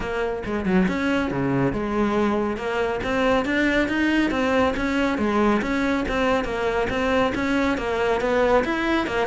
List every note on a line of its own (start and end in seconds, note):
0.00 0.42 A#3
0.45 0.65 G#3
0.65 0.87 F#3
0.88 1.30 C#4
1.30 1.72 C#3
1.72 2.57 G#3
2.57 3.00 A#3
3.03 3.45 C4
3.45 3.88 D4
3.88 4.30 D#4
4.30 4.73 C4
4.76 5.18 C#4
5.18 5.61 G#3
5.61 6.04 C#4
6.08 6.44 C4
6.44 6.87 A#3
6.89 7.32 C4
7.34 7.77 C#4
7.77 8.20 A#3
8.20 8.64 B3
8.64 9.06 E4
9.06 9.27 A#3